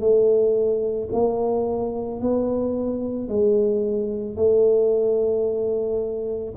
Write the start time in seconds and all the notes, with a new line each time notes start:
0.00 A3
1.13 A#3
2.21 B3
3.28 G#3
4.36 A3